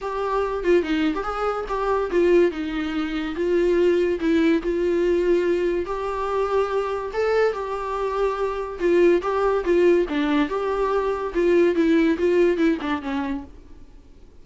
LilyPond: \new Staff \with { instrumentName = "viola" } { \time 4/4 \tempo 4 = 143 g'4. f'8 dis'8. g'16 gis'4 | g'4 f'4 dis'2 | f'2 e'4 f'4~ | f'2 g'2~ |
g'4 a'4 g'2~ | g'4 f'4 g'4 f'4 | d'4 g'2 f'4 | e'4 f'4 e'8 d'8 cis'4 | }